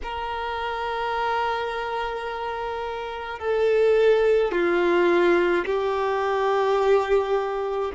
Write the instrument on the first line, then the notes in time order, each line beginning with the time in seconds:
violin
0.03 A#4
3.39 A4
4.51 F4
5.66 G4